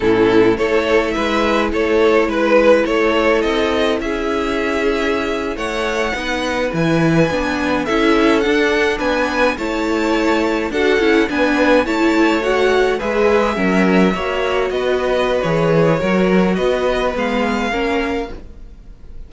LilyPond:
<<
  \new Staff \with { instrumentName = "violin" } { \time 4/4 \tempo 4 = 105 a'4 cis''4 e''4 cis''4 | b'4 cis''4 dis''4 e''4~ | e''4.~ e''16 fis''2 gis''16~ | gis''4.~ gis''16 e''4 fis''4 gis''16~ |
gis''8. a''2 fis''4 gis''16~ | gis''8. a''4 fis''4 e''4~ e''16~ | e''4.~ e''16 dis''4~ dis''16 cis''4~ | cis''4 dis''4 f''2 | }
  \new Staff \with { instrumentName = "violin" } { \time 4/4 e'4 a'4 b'4 a'4 | b'4 a'2 gis'4~ | gis'4.~ gis'16 cis''4 b'4~ b'16~ | b'4.~ b'16 a'2 b'16~ |
b'8. cis''2 a'4 b'16~ | b'8. cis''2 b'4 ais'16~ | ais'8. cis''4 b'2~ b'16 | ais'4 b'2 ais'4 | }
  \new Staff \with { instrumentName = "viola" } { \time 4/4 cis'4 e'2.~ | e'1~ | e'2~ e'8. dis'4 e'16~ | e'8. d'4 e'4 d'4~ d'16~ |
d'8. e'2 fis'8 e'8 d'16~ | d'8. e'4 fis'4 gis'4 cis'16~ | cis'8. fis'2~ fis'16 gis'4 | fis'2 b4 cis'4 | }
  \new Staff \with { instrumentName = "cello" } { \time 4/4 a,4 a4 gis4 a4 | gis4 a4 c'4 cis'4~ | cis'4.~ cis'16 a4 b4 e16~ | e8. b4 cis'4 d'4 b16~ |
b8. a2 d'8 cis'8 b16~ | b8. a2 gis4 fis16~ | fis8. ais4 b4~ b16 e4 | fis4 b4 gis4 ais4 | }
>>